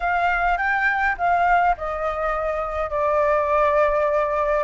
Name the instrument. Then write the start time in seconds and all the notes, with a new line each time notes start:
flute
0.00 F5
0.57 G5
1.17 F5
1.77 D#5
2.89 D5